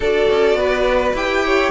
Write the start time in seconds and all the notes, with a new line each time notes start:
0.00 D4 F#4 A4 D5
0.30 C#4
0.55 B3 B4
1.13 E4 G4 G5
1.45 C#5